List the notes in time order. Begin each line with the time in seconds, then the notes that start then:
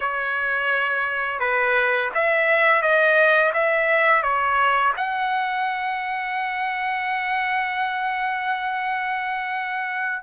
0.00 C#5
1.39 B4
2.14 E5
2.81 D#5
3.53 E5
4.22 C#5
4.96 F#5